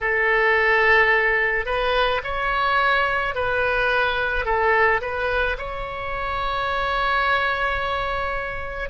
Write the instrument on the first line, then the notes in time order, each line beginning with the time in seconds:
oboe
0.00 A4
1.65 B4
2.23 C#5
3.34 B4
4.44 A4
5.01 B4
5.58 C#5